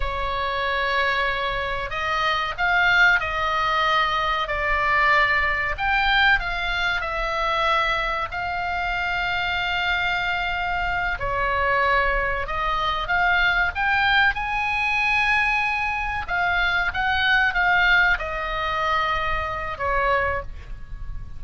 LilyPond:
\new Staff \with { instrumentName = "oboe" } { \time 4/4 \tempo 4 = 94 cis''2. dis''4 | f''4 dis''2 d''4~ | d''4 g''4 f''4 e''4~ | e''4 f''2.~ |
f''4. cis''2 dis''8~ | dis''8 f''4 g''4 gis''4.~ | gis''4. f''4 fis''4 f''8~ | f''8 dis''2~ dis''8 cis''4 | }